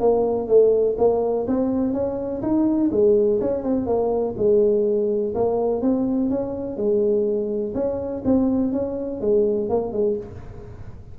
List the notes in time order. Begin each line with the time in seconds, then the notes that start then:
0.00 A#3
0.48 A3
0.98 A#3
1.47 C4
1.93 C#4
2.42 D#4
2.91 G#3
3.41 C#4
3.63 C4
3.86 A#3
4.37 G#3
5.34 A#3
5.81 C4
6.30 C#4
6.77 G#3
7.74 C#4
8.25 C4
8.72 C#4
9.20 G#3
9.69 A#3
9.92 G#3